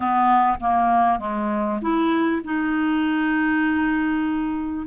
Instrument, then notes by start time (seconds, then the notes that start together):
clarinet
0.00 B3
0.60 A#3
1.19 G#3
1.81 E4
2.44 D#4